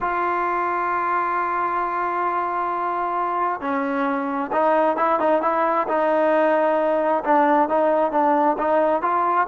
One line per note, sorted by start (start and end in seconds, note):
0.00 3.60 F4
3.60 4.51 C#4
4.52 4.96 D#4
4.96 5.19 E4
5.19 5.42 D#4
5.42 5.87 E4
5.88 7.23 D#4
7.24 7.68 D4
7.68 8.11 D#4
8.11 8.57 D4
8.58 9.02 D#4
9.02 9.47 F4